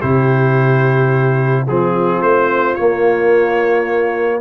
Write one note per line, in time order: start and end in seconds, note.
0.00 1.68 C3
0.00 1.67 E4
0.00 1.65 G4
0.00 1.66 C5
1.66 2.22 F3
1.66 2.78 C4
1.66 4.41 F4
1.66 2.22 G#4
2.22 2.77 A3
2.22 2.75 C5
2.75 4.42 A#3
2.75 4.40 C#5